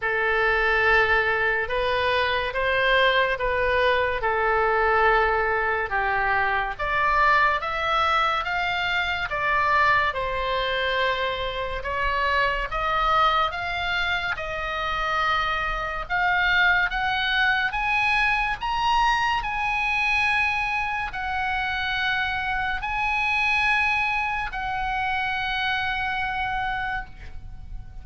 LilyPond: \new Staff \with { instrumentName = "oboe" } { \time 4/4 \tempo 4 = 71 a'2 b'4 c''4 | b'4 a'2 g'4 | d''4 e''4 f''4 d''4 | c''2 cis''4 dis''4 |
f''4 dis''2 f''4 | fis''4 gis''4 ais''4 gis''4~ | gis''4 fis''2 gis''4~ | gis''4 fis''2. | }